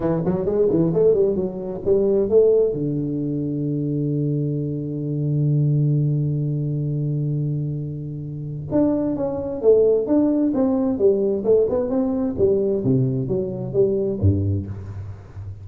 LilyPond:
\new Staff \with { instrumentName = "tuba" } { \time 4/4 \tempo 4 = 131 e8 fis8 gis8 e8 a8 g8 fis4 | g4 a4 d2~ | d1~ | d1~ |
d2. d'4 | cis'4 a4 d'4 c'4 | g4 a8 b8 c'4 g4 | c4 fis4 g4 g,4 | }